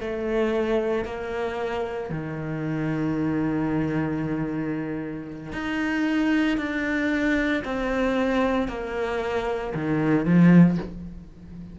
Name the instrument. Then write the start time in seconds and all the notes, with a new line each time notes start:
cello
0.00 A3
1.05 A#3
2.10 D#3
5.52 D#4
6.57 D4
7.64 C4
8.67 A#3
9.74 D#3
10.25 F3